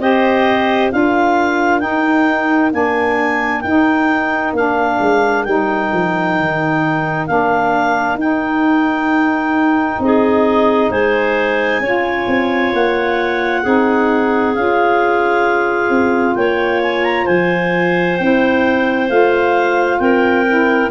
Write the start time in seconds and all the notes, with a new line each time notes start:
0.00 C4 G4 C5 D#5
0.92 D4 F4 A#4 F5
1.80 D#4 G5
2.72 A#3 D4 G#5
3.62 D#4 G5
4.54 A#3 D4 F5
5.00 G#3
5.45 G3 D#4 G5
5.94 F3
6.38 D#3
7.27 A#3 D4 F5
8.15 D#4 G5
10.00 C4 G#4 D#5
10.91 G#3 C5 G#5
11.80 C#4 F4 C#5
12.27 C4
12.73 A#3 F#5
13.63 C4 D#4 G#4
14.55 C#4 F4 F5
15.90 C4
16.35 A#3 C#5 G5
16.83 G#5
17.04 A#5
17.26 F3 C5 G#5
18.18 C4 E4 G5
19.09 A3 F4 F5
20.00 C4 A#4 G5
20.48 E4